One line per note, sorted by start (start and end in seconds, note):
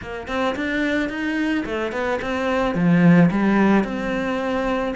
0.01 0.27 A#3
0.27 0.55 C4
0.55 1.09 D4
1.09 1.64 D#4
1.65 1.92 A3
1.92 2.19 B3
2.21 2.74 C4
2.74 3.30 F3
3.31 3.84 G3
3.84 4.94 C4